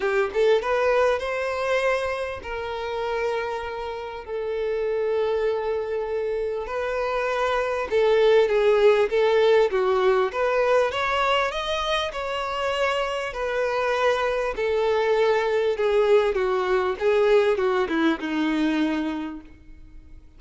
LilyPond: \new Staff \with { instrumentName = "violin" } { \time 4/4 \tempo 4 = 99 g'8 a'8 b'4 c''2 | ais'2. a'4~ | a'2. b'4~ | b'4 a'4 gis'4 a'4 |
fis'4 b'4 cis''4 dis''4 | cis''2 b'2 | a'2 gis'4 fis'4 | gis'4 fis'8 e'8 dis'2 | }